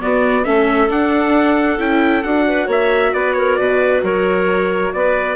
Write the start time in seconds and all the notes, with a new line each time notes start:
0.00 B3 F#4 D5
0.45 A3 C#4 A4 E5
0.89 D4 F#5
1.79 C#4 E4 G5
2.24 D4 F#4 F#5
2.48 B4
2.67 A#3 C#5 E5
3.14 B3 B4 D5
3.34 A#4 C#5
3.56 B2 B4 D5
4.03 F#3 A#4 C#5
4.94 B3 B4 D5